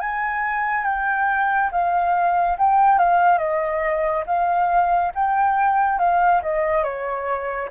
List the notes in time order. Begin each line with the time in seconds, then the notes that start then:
0.00 G#5
0.85 G5
1.71 F5
2.58 G5
2.98 F5
3.38 D#5
4.27 F5
5.15 G5
5.99 F5
6.42 D#5
6.83 C#5